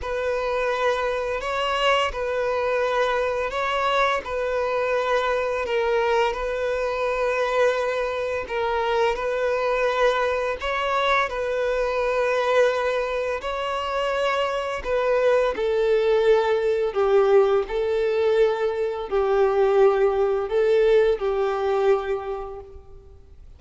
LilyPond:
\new Staff \with { instrumentName = "violin" } { \time 4/4 \tempo 4 = 85 b'2 cis''4 b'4~ | b'4 cis''4 b'2 | ais'4 b'2. | ais'4 b'2 cis''4 |
b'2. cis''4~ | cis''4 b'4 a'2 | g'4 a'2 g'4~ | g'4 a'4 g'2 | }